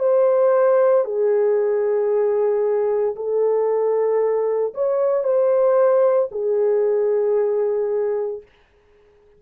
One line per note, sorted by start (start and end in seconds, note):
0.00 1.05 C5
1.05 3.16 G#4
3.16 4.74 A4
4.75 5.24 C#5
5.24 6.29 C5
6.32 8.42 G#4